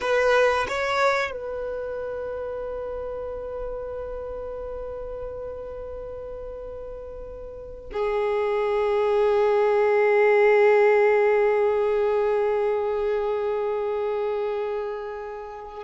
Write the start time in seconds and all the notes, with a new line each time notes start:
0.00 B4
0.68 C#5
1.31 B4
7.92 G#4